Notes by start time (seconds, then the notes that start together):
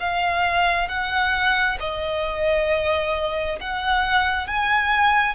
0.00 F5
0.89 F#5
1.80 D#5
3.60 F#5
4.47 G#5